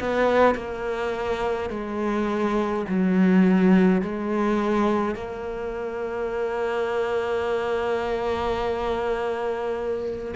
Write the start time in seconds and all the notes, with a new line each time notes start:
0.00 B3
0.55 A#3
1.70 G#3
2.88 F#3
4.02 G#3
5.15 A#3